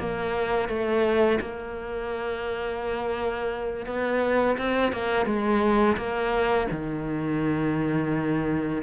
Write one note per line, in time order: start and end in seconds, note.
0.00 0.69 A#3
0.69 1.40 A3
1.41 3.87 A#3
3.87 4.57 B3
4.58 4.93 C4
4.93 5.26 A#3
5.26 5.97 G#3
5.97 6.68 A#3
6.71 8.83 D#3